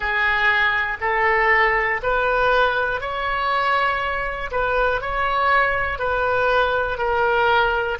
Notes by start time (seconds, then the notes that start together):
0.00 G#4
1.00 A4
2.03 B4
3.00 C#5
4.50 B4
5.01 C#5
5.99 B4
6.98 A#4